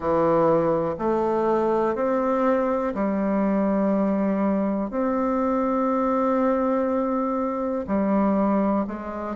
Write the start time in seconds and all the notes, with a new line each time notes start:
0.00 E3
0.98 A3
1.94 C4
2.94 G3
4.90 C4
7.87 G3
8.87 G#3